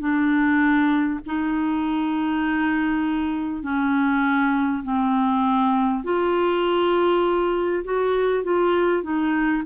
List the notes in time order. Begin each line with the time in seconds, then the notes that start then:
0.00 D4
1.27 D#4
3.64 C#4
4.84 C4
6.04 F4
7.84 F#4
8.44 F4
9.03 D#4